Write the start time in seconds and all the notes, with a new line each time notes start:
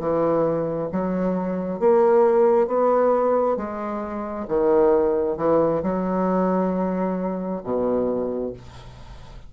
0.00 E3
0.92 F#3
1.80 A#3
2.68 B3
3.57 G#3
4.48 D#3
5.38 E3
5.83 F#3
7.64 B2